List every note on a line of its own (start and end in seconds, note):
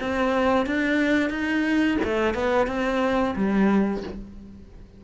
0.00 0.66 C4
0.66 1.30 D4
1.30 1.97 D#4
2.04 2.34 A3
2.34 2.67 B3
2.67 3.34 C4
3.36 4.03 G3